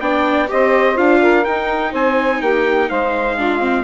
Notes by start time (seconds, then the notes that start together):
0.00 B3 D4 D5 G5
0.48 C4 G4 C5 D#5
0.95 D4 F4 F5
1.21 A#4
1.45 D#4 G5
1.91 C4 C5 G#5
2.41 A#3 G4 G5
2.89 G#3 C5 F5
3.37 D4 F4
3.59 C4